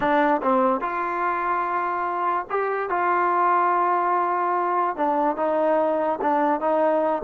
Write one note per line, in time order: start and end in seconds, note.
0.00 0.41 D4
0.42 0.81 C4
0.81 2.46 F4
2.50 2.89 G4
2.89 4.96 F4
4.96 5.36 D4
5.36 6.19 D#4
6.21 6.60 D4
6.60 7.22 D#4